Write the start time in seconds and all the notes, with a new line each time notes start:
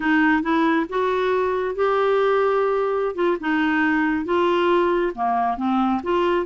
0.00 D#4
0.42 E4
0.89 F#4
1.75 G4
3.15 F4
3.40 D#4
4.25 F4
5.14 A#3
5.57 C4
6.03 F4